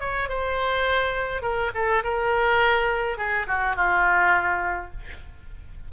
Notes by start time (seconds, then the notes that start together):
0.00 C#5
0.29 C5
1.42 A#4
1.74 A4
2.03 A#4
3.17 G#4
3.47 F#4
3.76 F4